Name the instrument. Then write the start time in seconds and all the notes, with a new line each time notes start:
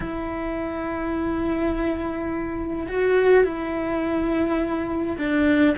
cello
0.00 E4
2.88 F#4
3.44 E4
5.18 D4